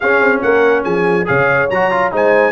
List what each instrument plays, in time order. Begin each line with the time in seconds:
0.00 trombone C#4, tuba C#4, horn G#4, trumpet F5
0.20 tuba C4
0.41 tuba A#3, horn A#4, trumpet F#5
0.83 tuba F3, horn G#4, trumpet G#5
1.25 tuba C#3, trombone G#4, horn C#5, trumpet F5
1.70 tuba F#3, trombone F#4, trumpet A#5
1.90 trombone F4
2.11 tuba G#3, trombone D#4, horn C5, trumpet G#5